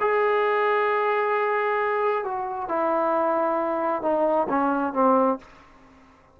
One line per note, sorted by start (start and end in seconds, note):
0.00 2.24 G#4
2.24 2.69 F#4
2.69 4.02 E4
4.02 4.47 D#4
4.49 4.93 C#4
4.93 5.38 C4